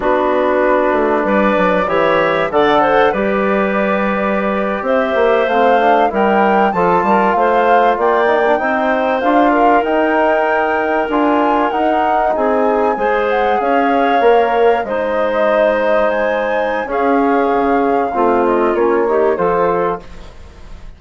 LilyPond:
<<
  \new Staff \with { instrumentName = "flute" } { \time 4/4 \tempo 4 = 96 b'2 d''4 e''4 | fis''4 d''2~ d''8. e''16~ | e''8. f''4 g''4 a''4 f''16~ | f''8. g''2 f''4 g''16~ |
g''4.~ g''16 gis''4 fis''4 gis''16~ | gis''4~ gis''16 fis''8 f''2 dis''16~ | dis''4.~ dis''16 gis''4~ gis''16 f''4~ | f''4. dis''8 cis''4 c''4 | }
  \new Staff \with { instrumentName = "clarinet" } { \time 4/4 fis'2 b'4 cis''4 | d''8 c''8 b'2~ b'8. c''16~ | c''4.~ c''16 ais'4 a'8 ais'8 c''16~ | c''8. d''4 c''4. ais'8.~ |
ais'2.~ ais'8. gis'16~ | gis'8. c''4 cis''2 c''16~ | c''2. gis'4~ | gis'4 f'4. g'8 a'4 | }
  \new Staff \with { instrumentName = "trombone" } { \time 4/4 d'2. g'4 | a'4 g'2.~ | g'8. c'8 d'8 e'4 f'4~ f'16~ | f'4~ f'16 dis'16 d'16 dis'4 f'4 dis'16~ |
dis'4.~ dis'16 f'4 dis'4~ dis'16~ | dis'8. gis'2 ais'4 dis'16~ | dis'2. cis'4~ | cis'4 c'4 cis'8 dis'8 f'4 | }
  \new Staff \with { instrumentName = "bassoon" } { \time 4/4 b4. a8 g8 fis8 e4 | d4 g2~ g8. c'16~ | c'16 ais8 a4 g4 f8 g8 a16~ | a8. ais4 c'4 d'4 dis'16~ |
dis'4.~ dis'16 d'4 dis'4 c'16~ | c'8. gis4 cis'4 ais4 gis16~ | gis2. cis'4 | cis4 a4 ais4 f4 | }
>>